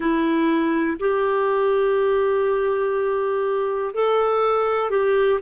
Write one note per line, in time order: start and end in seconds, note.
0.00 0.97 E4
0.99 3.94 G4
3.94 4.90 A4
4.90 5.39 G4